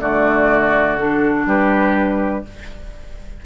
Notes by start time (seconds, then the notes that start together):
0.00 D3 A3 F#4 D5
0.98 D4 A4
1.46 G3 G4 B4